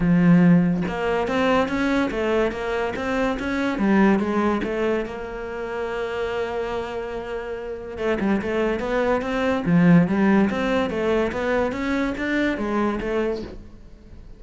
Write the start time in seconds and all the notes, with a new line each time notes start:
0.00 F3
0.88 A#3
1.27 C4
1.68 C#4
2.10 A3
2.51 A#3
2.96 C4
3.39 C#4
3.78 G3
4.19 G#3
4.63 A3
5.05 A#3
7.97 A3
8.20 G3
8.41 A3
8.79 B3
9.21 C4
9.65 F3
10.07 G3
10.50 C4
10.89 A3
11.32 B3
11.72 C#4
12.17 D4
12.57 G#3
13.00 A3